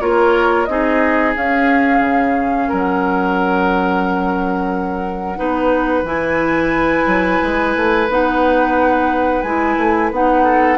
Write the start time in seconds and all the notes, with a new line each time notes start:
0.00 A#3 F4 A#4 C#5
0.65 C4 D#4 G#4 D#5
1.35 C#4 F5
2.00 C#3
2.68 F#3 A#4 F#5
5.36 B3 D#4 B4
6.03 E3 E4 G#5
7.06 F#3
7.42 G#3
7.76 A3
8.09 B3 D#4 F#5
9.42 G#3 E4 G#5
9.77 A3
10.10 B3 D#4 F#5
10.43 A4